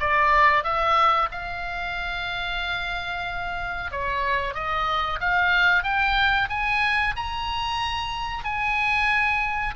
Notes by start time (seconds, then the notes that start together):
0.00 D5
0.64 E5
1.32 F5
3.92 C#5
4.54 D#5
5.20 F5
5.84 G5
6.50 G#5
7.17 A#5
8.44 G#5